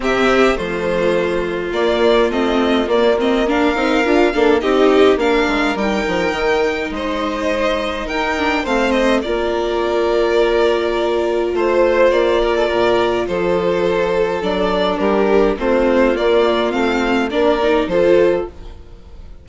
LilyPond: <<
  \new Staff \with { instrumentName = "violin" } { \time 4/4 \tempo 4 = 104 e''4 c''2 d''4 | dis''4 d''8 dis''8 f''2 | dis''4 f''4 g''2 | dis''2 g''4 f''8 dis''8 |
d''1 | c''4 d''2 c''4~ | c''4 d''4 ais'4 c''4 | d''4 f''4 d''4 c''4 | }
  \new Staff \with { instrumentName = "violin" } { \time 4/4 g'4 f'2.~ | f'2 ais'4. a'8 | g'4 ais'2. | c''2 ais'4 c''4 |
ais'1 | c''4. ais'16 a'16 ais'4 a'4~ | a'2 g'4 f'4~ | f'2 ais'4 a'4 | }
  \new Staff \with { instrumentName = "viola" } { \time 4/4 c'4 a2 ais4 | c'4 ais8 c'8 d'8 dis'8 f'8 d'8 | dis'4 d'4 dis'2~ | dis'2~ dis'8 d'8 c'4 |
f'1~ | f'1~ | f'4 d'2 c'4 | ais4 c'4 d'8 dis'8 f'4 | }
  \new Staff \with { instrumentName = "bassoon" } { \time 4/4 c4 f2 ais4 | a4 ais4. c'8 d'8 ais8 | c'4 ais8 gis8 g8 f8 dis4 | gis2 dis'4 a4 |
ais1 | a4 ais4 ais,4 f4~ | f4 fis4 g4 a4 | ais4 a4 ais4 f4 | }
>>